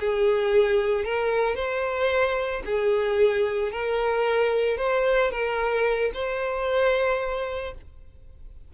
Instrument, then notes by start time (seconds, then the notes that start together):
violin
0.00 G#4
1.05 A#4
1.56 C5
2.66 G#4
3.72 A#4
4.78 C5
5.31 A#4
6.14 C5